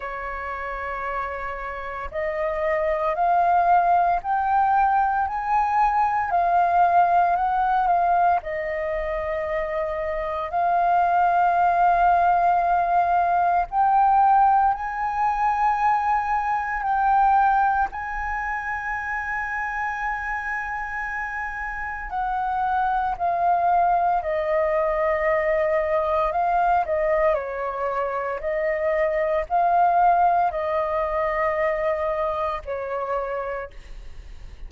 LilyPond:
\new Staff \with { instrumentName = "flute" } { \time 4/4 \tempo 4 = 57 cis''2 dis''4 f''4 | g''4 gis''4 f''4 fis''8 f''8 | dis''2 f''2~ | f''4 g''4 gis''2 |
g''4 gis''2.~ | gis''4 fis''4 f''4 dis''4~ | dis''4 f''8 dis''8 cis''4 dis''4 | f''4 dis''2 cis''4 | }